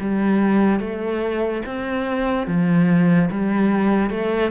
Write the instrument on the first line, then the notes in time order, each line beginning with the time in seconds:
cello
0.00 G3
0.80 A3
1.66 C4
2.47 F3
3.30 G3
4.10 A3